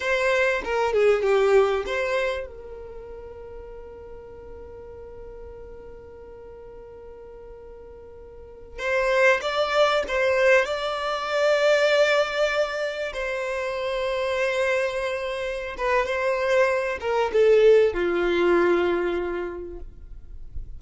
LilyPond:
\new Staff \with { instrumentName = "violin" } { \time 4/4 \tempo 4 = 97 c''4 ais'8 gis'8 g'4 c''4 | ais'1~ | ais'1~ | ais'2~ ais'16 c''4 d''8.~ |
d''16 c''4 d''2~ d''8.~ | d''4~ d''16 c''2~ c''8.~ | c''4. b'8 c''4. ais'8 | a'4 f'2. | }